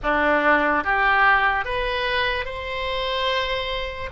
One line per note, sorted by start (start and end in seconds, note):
0.03 0.84 D4
0.84 1.64 G4
1.64 2.45 B4
2.45 4.09 C5